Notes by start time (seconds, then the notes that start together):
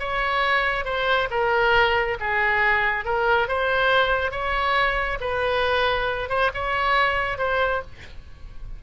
0.00 C#5
0.85 C5
1.31 A#4
2.20 G#4
3.05 A#4
3.48 C5
4.32 C#5
5.21 B4
6.30 C5
6.54 C#5
7.39 C5